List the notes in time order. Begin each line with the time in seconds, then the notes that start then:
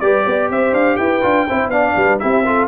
0.00 G3 G4 B4 D5
0.23 B3 D5
0.50 C4 C5 E5
0.73 D4 F5
0.96 E4 B4 G5
1.21 D4 F4
1.46 C4 E4 C5
1.68 B3 D4 D5 F5
1.96 G3 B4
2.19 C4 E4 G4 E5
2.45 F4 A4